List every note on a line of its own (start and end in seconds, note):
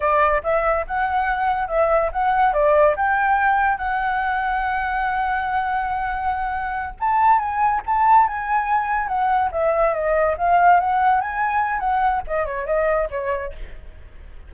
0.00 0.41 D5
0.43 0.85 E5
0.87 1.68 F#5
1.68 2.10 E5
2.12 2.53 F#5
2.53 2.95 D5
2.96 3.77 G5
3.77 6.94 F#5
7.00 7.38 A5
7.38 7.81 G#5
7.86 8.27 A5
8.27 9.07 G#5
9.07 9.50 F#5
9.51 9.94 E5
9.94 10.36 D#5
10.37 10.79 F5
10.79 11.20 F#5
11.20 11.79 G#5
11.79 12.22 F#5
12.27 12.45 D#5
12.45 12.66 C#5
12.66 13.08 D#5
13.10 13.52 C#5